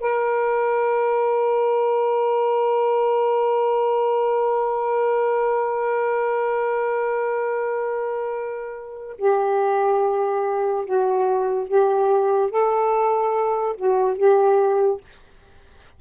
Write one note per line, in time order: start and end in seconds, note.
0.00 9.17 A#4
9.19 10.85 G4
10.85 11.68 F#4
11.68 12.51 G4
12.51 13.76 A4
13.77 14.17 F#4
14.17 15.01 G4